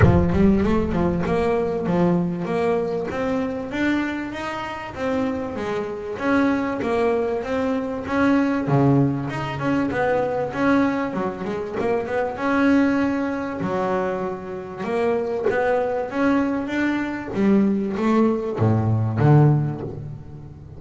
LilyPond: \new Staff \with { instrumentName = "double bass" } { \time 4/4 \tempo 4 = 97 f8 g8 a8 f8 ais4 f4 | ais4 c'4 d'4 dis'4 | c'4 gis4 cis'4 ais4 | c'4 cis'4 cis4 dis'8 cis'8 |
b4 cis'4 fis8 gis8 ais8 b8 | cis'2 fis2 | ais4 b4 cis'4 d'4 | g4 a4 a,4 d4 | }